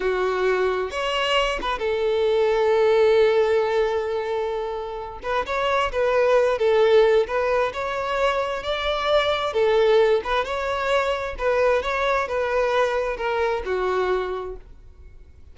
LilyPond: \new Staff \with { instrumentName = "violin" } { \time 4/4 \tempo 4 = 132 fis'2 cis''4. b'8 | a'1~ | a'2.~ a'8 b'8 | cis''4 b'4. a'4. |
b'4 cis''2 d''4~ | d''4 a'4. b'8 cis''4~ | cis''4 b'4 cis''4 b'4~ | b'4 ais'4 fis'2 | }